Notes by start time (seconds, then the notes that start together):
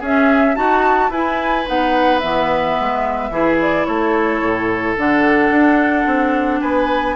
0.00 C#4 G#4 E5
0.56 D#4 F#4 A5
1.10 E4 B4 G#5
1.66 B3 D#4 F#5
2.20 E3 B3 E5
2.81 G#3
3.31 E3 E4 G#4
3.62 D5
3.85 A3 A4 C#5
4.42 A2
4.97 D3 D4 F#5
5.50 D4
6.07 C4
6.61 B3 B4 G#5